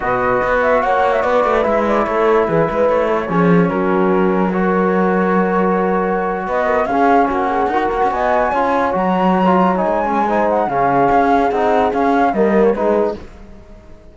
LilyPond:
<<
  \new Staff \with { instrumentName = "flute" } { \time 4/4 \tempo 4 = 146 dis''4. e''8 fis''8. e''16 d''4 | e''8 d''8 cis''4 b'4 cis''4~ | cis''4 ais'2 cis''4~ | cis''2.~ cis''8. dis''16~ |
dis''8. f''4 fis''2 gis''16~ | gis''4.~ gis''16 ais''2 gis''16~ | gis''4. fis''8 f''2 | fis''4 f''4 dis''8. cis''16 b'4 | }
  \new Staff \with { instrumentName = "horn" } { \time 4/4 b'2 cis''4 b'4~ | b'4 a'4 gis'8 b'4 a'8 | gis'4 fis'2 ais'4~ | ais'2.~ ais'8. b'16~ |
b'16 ais'8 gis'4 fis'8 gis'8 ais'4 dis''16~ | dis''8. cis''2.~ cis''16~ | cis''4 c''4 gis'2~ | gis'2 ais'4 gis'4 | }
  \new Staff \with { instrumentName = "trombone" } { \time 4/4 fis'1 | e'1 | cis'2. fis'4~ | fis'1~ |
fis'8. cis'2 fis'4~ fis'16~ | fis'8. f'4 fis'4~ fis'16 f'8. dis'16~ | dis'8 cis'8 dis'4 cis'2 | dis'4 cis'4 ais4 dis'4 | }
  \new Staff \with { instrumentName = "cello" } { \time 4/4 b,4 b4 ais4 b8 a8 | gis4 a4 e8 gis8 a4 | f4 fis2.~ | fis2.~ fis8. b16~ |
b8. cis'4 ais4 dis'8 ais16 cis'16 b16~ | b8. cis'4 fis2~ fis16 | gis2 cis4 cis'4 | c'4 cis'4 g4 gis4 | }
>>